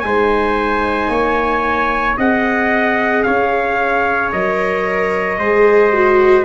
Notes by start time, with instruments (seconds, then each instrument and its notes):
0.00 tuba G#3, viola D#4, trumpet C5 G#5
1.08 tuba A#3, trumpet C#5
2.17 tuba C4, viola G#4, trumpet D#5 F#5
3.23 tuba C#4, trumpet C#5 F5
4.32 tuba F#3, viola A#4, trumpet D#5
5.38 tuba G#3, viola G#4, trumpet C5
5.92 viola F#4